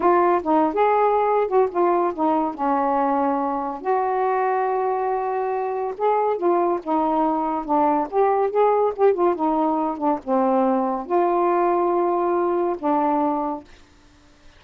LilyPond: \new Staff \with { instrumentName = "saxophone" } { \time 4/4 \tempo 4 = 141 f'4 dis'8. gis'4.~ gis'16 fis'8 | f'4 dis'4 cis'2~ | cis'4 fis'2.~ | fis'2 gis'4 f'4 |
dis'2 d'4 g'4 | gis'4 g'8 f'8 dis'4. d'8 | c'2 f'2~ | f'2 d'2 | }